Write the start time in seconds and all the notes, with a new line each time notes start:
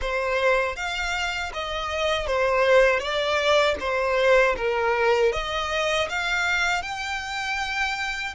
0.01 C5
0.76 F5
1.53 D#5
2.26 C5
2.99 D5
3.79 C5
4.56 A#4
5.32 D#5
6.09 F5
6.82 G5